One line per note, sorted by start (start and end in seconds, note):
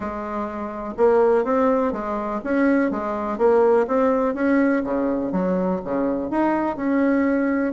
0.00 0.94 G#3
0.97 1.44 A#3
1.44 1.92 C4
1.92 2.40 G#3
2.43 2.90 C#4
2.90 3.38 G#3
3.38 3.86 A#3
3.87 4.34 C4
4.34 4.82 C#4
4.83 5.31 C#3
5.32 5.80 F#3
5.84 6.30 C#3
6.30 6.76 D#4
6.76 7.73 C#4